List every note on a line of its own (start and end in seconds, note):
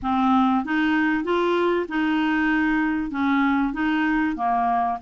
0.02 0.64 C4
0.64 1.24 D#4
1.24 1.86 F4
1.88 3.10 D#4
3.10 3.73 C#4
3.73 4.36 D#4
4.36 4.98 A#3